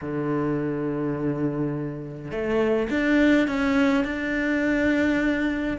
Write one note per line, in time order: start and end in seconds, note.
0.01 2.31 D3
2.31 2.88 A3
2.90 3.47 D4
3.47 4.04 C#4
4.04 5.77 D4